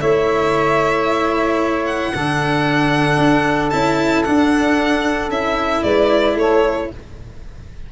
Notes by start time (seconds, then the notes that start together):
0.00 A3 E4 C#5 E5
1.85 F#5
2.14 D3 D4 A4
3.17 D4
3.70 C#4 E4 A5
4.23 D4 F#5
5.29 C#4 E4 E5
5.83 G#3 B4 D5
6.35 A3 A4 C#5